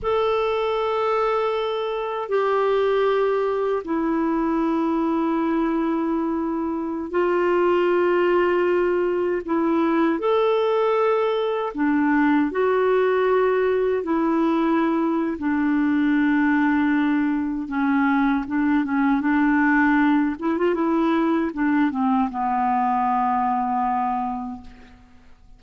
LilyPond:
\new Staff \with { instrumentName = "clarinet" } { \time 4/4 \tempo 4 = 78 a'2. g'4~ | g'4 e'2.~ | e'4~ e'16 f'2~ f'8.~ | f'16 e'4 a'2 d'8.~ |
d'16 fis'2 e'4.~ e'16 | d'2. cis'4 | d'8 cis'8 d'4. e'16 f'16 e'4 | d'8 c'8 b2. | }